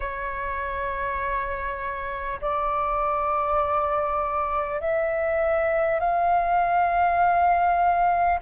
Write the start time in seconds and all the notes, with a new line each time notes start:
0.00 C#5
2.41 D5
4.80 E5
5.99 F5